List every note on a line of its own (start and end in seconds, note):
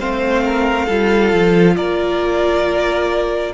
0.00 0.89 A3
0.00 0.89 C4
0.00 0.44 C5
0.00 1.76 F5
0.45 0.86 A#4
0.86 1.33 G3
0.86 3.54 F4
0.86 1.74 A4
1.33 1.77 F3
1.76 3.54 A#3
1.76 3.54 A#4
1.76 3.53 D5